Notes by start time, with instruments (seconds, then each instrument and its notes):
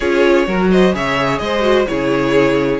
0.00 cello C#4, viola F4, violin G#4 C#5
0.47 cello F#3, viola F#4, violin A#4
0.71 violin C5 D#5
0.93 cello C#3, viola G#4, violin C#5 E5
1.38 cello G#3, violin C5 D#5
1.61 viola F#4
1.87 cello C#3, viola E4, violin G#4 C#5